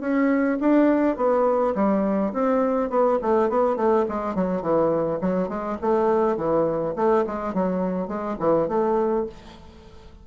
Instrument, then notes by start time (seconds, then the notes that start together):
bassoon
0.00 C#4
0.60 D4
1.16 B3
1.75 G3
2.33 C4
2.90 B3
3.22 A3
3.49 B3
3.76 A3
4.08 G#3
4.35 F#3
4.61 E3
5.21 F#3
5.48 G#3
5.81 A3
6.36 E3
6.95 A3
7.26 G#3
7.54 F#3
8.07 G#3
8.39 E3
8.68 A3